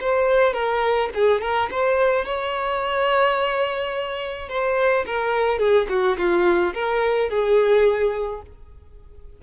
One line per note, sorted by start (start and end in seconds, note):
0.00 0.53 C5
0.53 1.09 A#4
1.14 1.41 G#4
1.41 1.69 A#4
1.70 2.25 C5
2.25 4.49 C#5
4.49 5.05 C5
5.06 5.58 A#4
5.58 5.86 G#4
5.89 6.17 F#4
6.17 6.73 F4
6.74 7.29 A#4
7.29 8.41 G#4